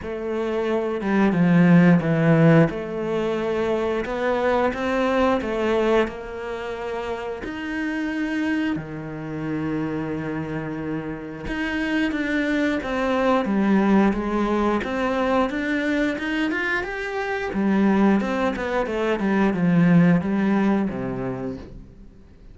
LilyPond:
\new Staff \with { instrumentName = "cello" } { \time 4/4 \tempo 4 = 89 a4. g8 f4 e4 | a2 b4 c'4 | a4 ais2 dis'4~ | dis'4 dis2.~ |
dis4 dis'4 d'4 c'4 | g4 gis4 c'4 d'4 | dis'8 f'8 g'4 g4 c'8 b8 | a8 g8 f4 g4 c4 | }